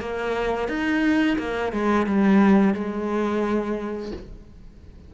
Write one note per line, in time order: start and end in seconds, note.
0.00 0.68 A#3
0.68 1.37 D#4
1.38 1.72 A#3
1.72 2.06 G#3
2.06 2.73 G3
2.73 4.11 G#3